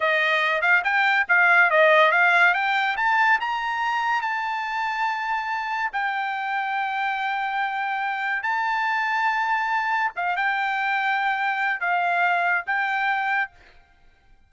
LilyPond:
\new Staff \with { instrumentName = "trumpet" } { \time 4/4 \tempo 4 = 142 dis''4. f''8 g''4 f''4 | dis''4 f''4 g''4 a''4 | ais''2 a''2~ | a''2 g''2~ |
g''1 | a''1 | f''8 g''2.~ g''8 | f''2 g''2 | }